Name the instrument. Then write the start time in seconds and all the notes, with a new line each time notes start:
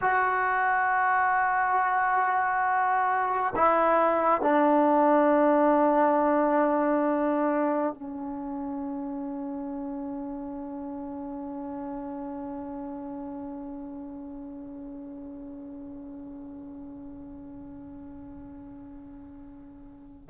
trombone
0.01 F#4
3.55 E4
4.41 D4
7.94 C#4